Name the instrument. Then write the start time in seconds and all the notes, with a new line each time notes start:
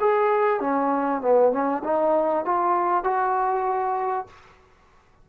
trombone
0.00 G#4
0.60 C#4
1.21 B3
1.52 C#4
1.83 D#4
2.45 F4
3.04 F#4